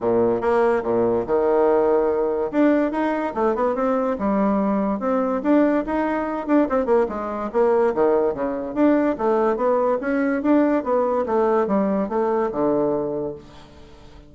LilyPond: \new Staff \with { instrumentName = "bassoon" } { \time 4/4 \tempo 4 = 144 ais,4 ais4 ais,4 dis4~ | dis2 d'4 dis'4 | a8 b8 c'4 g2 | c'4 d'4 dis'4. d'8 |
c'8 ais8 gis4 ais4 dis4 | cis4 d'4 a4 b4 | cis'4 d'4 b4 a4 | g4 a4 d2 | }